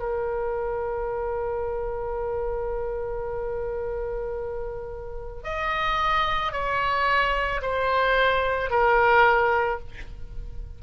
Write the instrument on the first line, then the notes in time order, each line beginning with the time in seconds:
oboe
0.00 A#4
5.44 D#5
6.53 C#5
7.62 C5
8.71 A#4